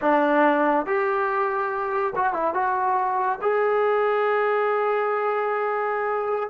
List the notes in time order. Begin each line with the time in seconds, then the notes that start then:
0.01 D4
0.85 G4
2.15 F#4
2.33 E4
2.53 F#4
3.41 G#4